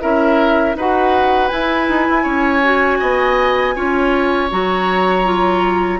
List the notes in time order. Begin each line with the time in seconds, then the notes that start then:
0.00 C#4 E4 A#4 E5
0.75 D#4 F#4 B4 F#5
1.48 E4 G#5
1.88 D#4
2.09 E4
2.23 C#4 C#5
2.63 F#4
3.00 B3 D#5
3.75 C#4 F4 C#5
4.50 F#3 F#4 A#5
5.24 F4